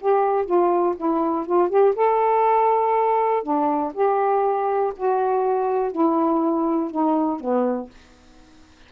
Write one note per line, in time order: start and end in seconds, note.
0.00 0.45 G4
0.45 0.94 F4
0.96 1.46 E4
1.46 1.69 F4
1.69 1.94 G4
1.95 3.43 A4
3.43 3.92 D4
3.93 4.92 G4
4.96 5.91 F#4
5.91 6.91 E4
6.91 7.40 D#4
7.40 7.90 B3